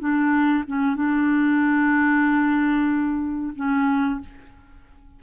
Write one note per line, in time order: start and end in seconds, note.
0.00 0.65 D4
0.68 0.96 C#4
0.96 3.54 D4
3.56 4.21 C#4